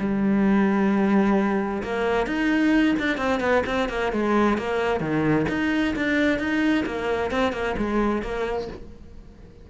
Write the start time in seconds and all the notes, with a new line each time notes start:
0.00 G3
1.83 A#3
2.27 D#4
2.99 D4
3.18 C4
3.40 B3
3.67 C4
3.90 A#3
4.12 G#3
4.58 A#3
5.01 D#3
5.49 D#4
5.96 D4
6.39 D#4
6.86 A#3
7.31 C4
7.53 A#3
7.78 G#3
8.23 A#3